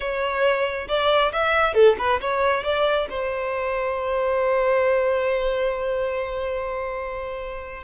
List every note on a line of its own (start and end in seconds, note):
0.00 0.87 C#5
0.87 1.32 D5
1.32 1.73 E5
1.73 1.96 A4
1.98 2.20 B4
2.20 2.63 C#5
2.63 3.07 D5
3.10 7.83 C5